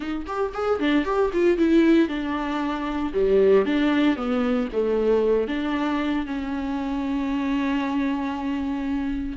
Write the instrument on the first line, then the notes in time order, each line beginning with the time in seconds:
viola
0.00 D#4
0.26 G4
0.53 G#4
0.79 D4
1.04 G4
1.33 F4
1.57 E4
2.08 D4
3.13 G3
3.65 D4
4.16 B3
4.72 A3
5.47 D4
6.26 C#4